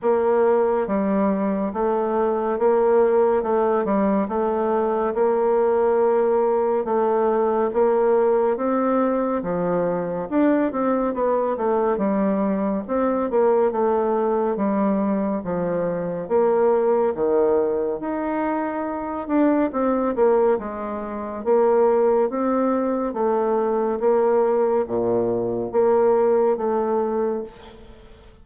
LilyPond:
\new Staff \with { instrumentName = "bassoon" } { \time 4/4 \tempo 4 = 70 ais4 g4 a4 ais4 | a8 g8 a4 ais2 | a4 ais4 c'4 f4 | d'8 c'8 b8 a8 g4 c'8 ais8 |
a4 g4 f4 ais4 | dis4 dis'4. d'8 c'8 ais8 | gis4 ais4 c'4 a4 | ais4 ais,4 ais4 a4 | }